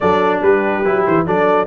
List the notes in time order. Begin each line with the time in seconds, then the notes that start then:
0.00 F#3 D4 A4 D5
0.41 G3 G4 B4
0.83 F#3 E4
1.06 E3 C5
1.25 F#3 D4 A4 D5